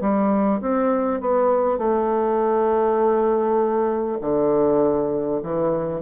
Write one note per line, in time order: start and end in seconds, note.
0.00 0.60 G3
0.61 1.20 C4
1.20 1.78 B3
1.78 4.18 A3
4.21 5.41 D3
5.42 6.01 E3